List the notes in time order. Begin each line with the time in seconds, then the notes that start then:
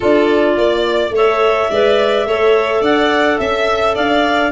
0.00 D4 F4 A4 D5
0.57 A#3 D5
1.10 A3 A4 C#5
1.16 E5
1.70 G#3 B4 D5
2.25 A3 A4 C#5
2.81 D4 D5 F#5
3.38 C#4 E5
3.94 D4 D5 F5